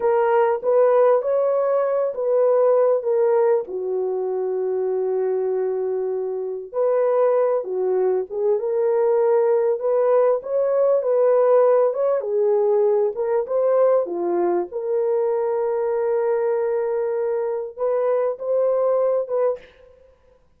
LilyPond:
\new Staff \with { instrumentName = "horn" } { \time 4/4 \tempo 4 = 98 ais'4 b'4 cis''4. b'8~ | b'4 ais'4 fis'2~ | fis'2. b'4~ | b'8 fis'4 gis'8 ais'2 |
b'4 cis''4 b'4. cis''8 | gis'4. ais'8 c''4 f'4 | ais'1~ | ais'4 b'4 c''4. b'8 | }